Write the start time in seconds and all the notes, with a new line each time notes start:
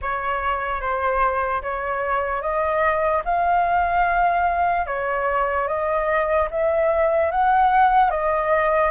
0.01 C#5
0.80 C5
1.62 C#5
2.41 D#5
3.24 F5
4.86 C#5
5.67 D#5
6.50 E5
7.31 F#5
8.10 D#5